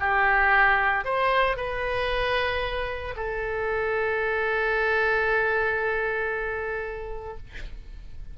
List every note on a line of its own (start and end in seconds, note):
0.00 1.05 G4
1.05 1.57 C5
1.57 3.15 B4
3.16 7.37 A4